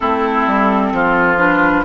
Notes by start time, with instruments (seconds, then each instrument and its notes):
0.00 bassoon A3, clarinet C4, oboe E4, flute A4
0.47 bassoon G3
0.92 bassoon F3, oboe F4
1.38 clarinet D4, flute B4